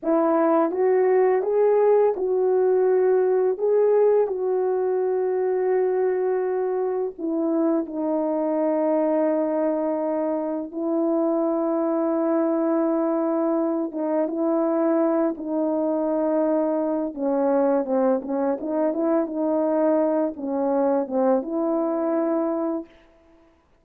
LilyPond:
\new Staff \with { instrumentName = "horn" } { \time 4/4 \tempo 4 = 84 e'4 fis'4 gis'4 fis'4~ | fis'4 gis'4 fis'2~ | fis'2 e'4 dis'4~ | dis'2. e'4~ |
e'2.~ e'8 dis'8 | e'4. dis'2~ dis'8 | cis'4 c'8 cis'8 dis'8 e'8 dis'4~ | dis'8 cis'4 c'8 e'2 | }